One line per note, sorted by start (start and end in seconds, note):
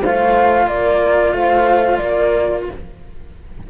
0.00 0.67 A3
0.00 0.66 C5
0.00 0.67 F5
0.06 2.70 F4
0.67 1.33 A#3
0.67 1.33 A#4
0.67 1.32 D5
1.32 1.98 A3
1.32 2.00 C5
1.32 1.97 F5
1.97 2.68 A#3
1.97 2.67 A#4
1.97 2.63 D5